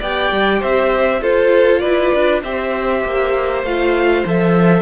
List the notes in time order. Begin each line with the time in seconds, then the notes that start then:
0.00 B3 G4 D5 G5
0.32 G3
0.60 C4 C5 E5
1.21 F4 A4 C5
1.80 E4 B4 D5
2.15 D4
2.44 C4 G4 C5 E5
3.05 A#3
3.64 A3 F4 F5
4.26 F3 A4 E5